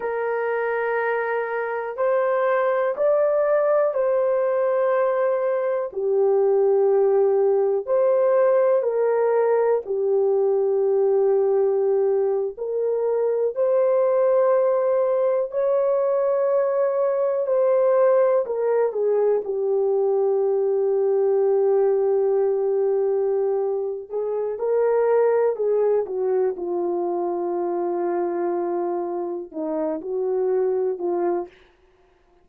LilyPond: \new Staff \with { instrumentName = "horn" } { \time 4/4 \tempo 4 = 61 ais'2 c''4 d''4 | c''2 g'2 | c''4 ais'4 g'2~ | g'8. ais'4 c''2 cis''16~ |
cis''4.~ cis''16 c''4 ais'8 gis'8 g'16~ | g'1~ | g'8 gis'8 ais'4 gis'8 fis'8 f'4~ | f'2 dis'8 fis'4 f'8 | }